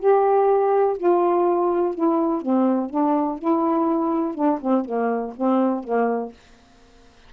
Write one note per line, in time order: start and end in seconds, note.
0.00 0.98 G4
0.98 1.95 F4
1.95 2.42 E4
2.42 2.90 C4
2.90 3.39 D4
3.39 4.35 E4
4.35 4.59 D4
4.61 4.85 C4
4.85 5.34 A#3
5.37 5.84 C4
5.84 6.33 A#3